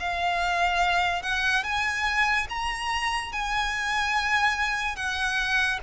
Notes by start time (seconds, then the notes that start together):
0.00 F5
1.23 F#5
1.64 G#5
2.50 A#5
3.33 G#5
4.96 F#5